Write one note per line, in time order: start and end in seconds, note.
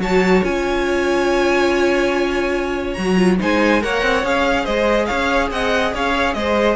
0.00 0.42 F#3
0.00 0.43 F#4
0.00 3.39 C#5
0.00 0.45 A5
0.43 2.97 C#4
0.43 2.96 F4
0.43 2.94 G#5
2.94 3.40 F#3
2.94 3.17 F#4
2.94 3.36 A#5
3.17 3.38 F4
3.40 3.84 G#3
3.40 3.81 D#4
3.40 3.83 C5
3.40 3.83 G#5
3.81 4.03 A#3
3.81 4.24 A#4
3.81 4.64 C#5
3.81 4.25 F#5
4.03 4.24 C4
4.24 4.66 C#4
4.24 6.76 G#4
4.24 4.65 F5
4.64 5.10 G#3
4.64 5.07 C5
4.64 5.07 D#5
5.07 5.51 C#4
5.07 5.50 C#5
5.07 5.49 F5
5.51 5.94 C4
5.51 5.94 D#5
5.51 5.94 F#5
5.94 6.35 C#4
5.94 6.36 C#5
5.94 6.34 F5
6.34 6.76 G#3
6.34 6.76 C5
6.34 6.76 D#5